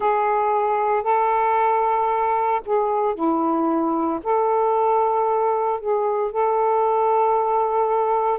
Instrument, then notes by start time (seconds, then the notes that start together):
saxophone
0.00 G#4
1.03 A4
2.65 G#4
3.14 E4
4.23 A4
5.79 G#4
6.31 A4